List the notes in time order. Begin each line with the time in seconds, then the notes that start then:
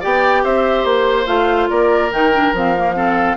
0.00 B3 G4 D5 G5
0.44 C4 C5 E5
0.84 A#3 C5
1.26 A3 F4 F5
1.69 A#3 A#4 D5
2.11 D#3 D#4 G5
2.33 D4
2.53 F3 C4 F5
2.77 A#3
2.95 C4 A4